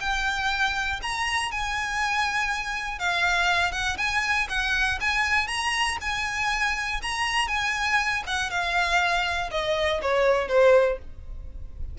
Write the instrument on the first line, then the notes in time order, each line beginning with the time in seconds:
violin
0.00 G5
1.02 A#5
1.51 G#5
2.99 F5
3.72 F#5
3.97 G#5
4.49 F#5
5.00 G#5
5.47 A#5
6.01 G#5
7.02 A#5
7.48 G#5
8.26 F#5
8.50 F5
9.51 D#5
10.02 C#5
10.48 C5